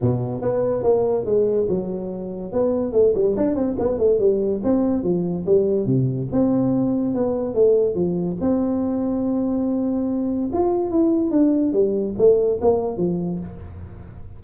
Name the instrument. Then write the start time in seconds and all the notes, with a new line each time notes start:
tuba
0.01 B2
0.41 B3
0.83 A#3
1.25 G#3
1.68 F#3
2.52 B3
2.92 A3
3.14 G3
3.36 D4
3.55 C4
3.79 B3
3.98 A3
4.19 G3
4.63 C4
5.03 F3
5.46 G3
5.86 C3
6.32 C4
7.14 B3
7.54 A3
7.95 F3
8.40 C4
10.52 F4
10.90 E4
11.31 D4
11.73 G3
12.18 A3
12.61 A#3
12.97 F3